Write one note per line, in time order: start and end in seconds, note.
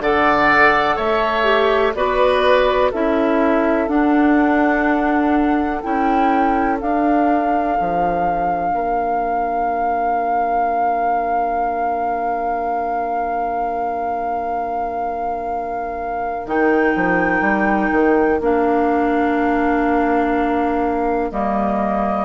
0.00 0.97 D3
0.00 1.44 A4
0.00 0.96 D5
0.00 0.98 F#5
0.96 1.95 A3
0.96 1.93 C#5
0.96 1.95 E5
1.44 1.93 G4
1.95 2.92 B3
1.95 2.93 F#4
1.95 2.91 B4
1.95 2.92 D5
2.91 3.89 C#4
2.91 3.88 E4
2.91 8.72 A4
2.91 3.89 E5
3.88 5.82 D4
3.88 5.82 F#5
5.82 6.82 C#4
5.82 6.79 E4
5.82 6.79 G5
6.79 16.46 D4
6.79 7.79 D4
6.79 16.48 F5
7.80 8.72 F3
8.72 16.46 A#3
8.72 22.25 A#4
16.46 16.94 D#3
16.46 18.41 D#4
16.46 18.41 G5
16.96 17.42 F3
17.42 17.90 G3
17.92 18.41 D#3
18.41 21.31 A#3
18.41 21.32 D4
18.41 21.32 F5
21.32 22.25 G3
21.32 22.25 A#3
21.32 22.25 D#5